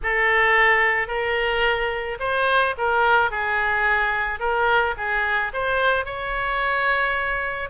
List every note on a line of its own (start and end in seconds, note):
0.02 1.07 A4
1.07 2.17 A#4
2.19 2.74 C5
2.77 3.30 A#4
3.30 4.39 G#4
4.39 4.94 A#4
4.97 5.52 G#4
5.53 6.05 C5
6.05 7.69 C#5